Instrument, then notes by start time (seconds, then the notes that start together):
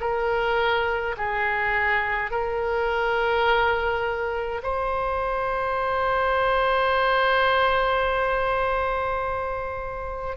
oboe
0.00 A#4
1.17 G#4
2.30 A#4
4.63 C5